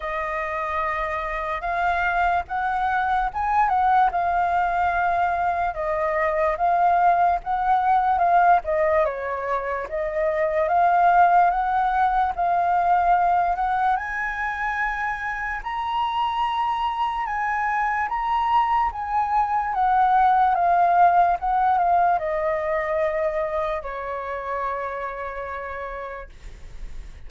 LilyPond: \new Staff \with { instrumentName = "flute" } { \time 4/4 \tempo 4 = 73 dis''2 f''4 fis''4 | gis''8 fis''8 f''2 dis''4 | f''4 fis''4 f''8 dis''8 cis''4 | dis''4 f''4 fis''4 f''4~ |
f''8 fis''8 gis''2 ais''4~ | ais''4 gis''4 ais''4 gis''4 | fis''4 f''4 fis''8 f''8 dis''4~ | dis''4 cis''2. | }